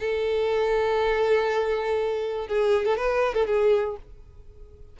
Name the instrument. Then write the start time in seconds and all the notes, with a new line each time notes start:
violin
0.00 A4
2.48 G#4
2.86 A4
2.97 B4
3.35 A4
3.47 G#4